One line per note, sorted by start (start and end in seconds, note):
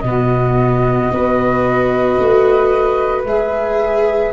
0.00 1.10 B2
0.00 1.13 B3
0.00 1.13 F#4
0.00 3.21 D#5
1.11 2.19 B3
1.11 3.27 F#4
1.11 4.33 B4
2.19 3.25 A3
3.25 4.32 G#3
3.25 4.33 G#4
3.25 4.33 E5